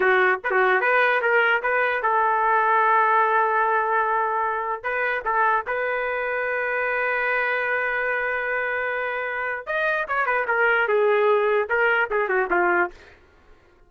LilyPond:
\new Staff \with { instrumentName = "trumpet" } { \time 4/4 \tempo 4 = 149 fis'4 b'16 fis'8. b'4 ais'4 | b'4 a'2.~ | a'1 | b'4 a'4 b'2~ |
b'1~ | b'1 | dis''4 cis''8 b'8 ais'4 gis'4~ | gis'4 ais'4 gis'8 fis'8 f'4 | }